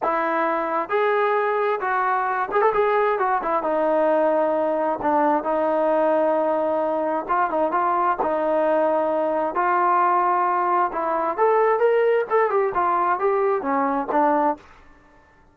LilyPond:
\new Staff \with { instrumentName = "trombone" } { \time 4/4 \tempo 4 = 132 e'2 gis'2 | fis'4. gis'16 a'16 gis'4 fis'8 e'8 | dis'2. d'4 | dis'1 |
f'8 dis'8 f'4 dis'2~ | dis'4 f'2. | e'4 a'4 ais'4 a'8 g'8 | f'4 g'4 cis'4 d'4 | }